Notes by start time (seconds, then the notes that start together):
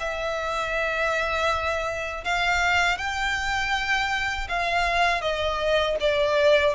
0.00 E5
2.25 F5
2.98 G5
4.49 F5
5.22 D#5
6.00 D5